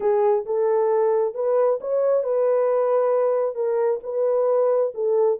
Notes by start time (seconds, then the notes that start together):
0.00 G#4
0.45 A4
1.34 B4
1.80 C#5
2.23 B4
3.55 A#4
4.03 B4
4.94 A4